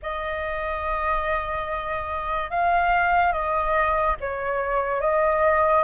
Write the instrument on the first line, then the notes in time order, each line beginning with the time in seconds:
flute
0.02 D#5
2.50 F5
3.32 D#5
4.20 C#5
5.00 D#5